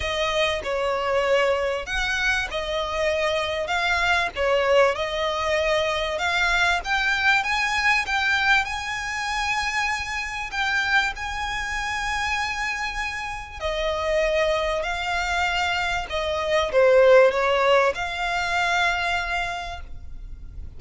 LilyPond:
\new Staff \with { instrumentName = "violin" } { \time 4/4 \tempo 4 = 97 dis''4 cis''2 fis''4 | dis''2 f''4 cis''4 | dis''2 f''4 g''4 | gis''4 g''4 gis''2~ |
gis''4 g''4 gis''2~ | gis''2 dis''2 | f''2 dis''4 c''4 | cis''4 f''2. | }